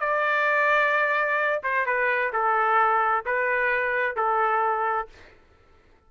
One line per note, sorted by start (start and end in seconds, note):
0.00 1.62 D5
1.63 1.86 C5
1.86 2.32 B4
2.32 3.25 A4
3.26 4.16 B4
4.16 5.08 A4